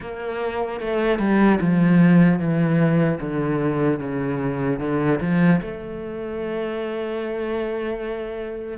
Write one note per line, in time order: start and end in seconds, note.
0.00 0.80 A#3
0.80 1.19 A3
1.19 1.59 G3
1.60 2.39 F3
2.39 3.19 E3
3.20 3.99 D3
3.99 4.79 C#3
4.79 5.19 D3
5.20 5.60 F3
5.61 8.77 A3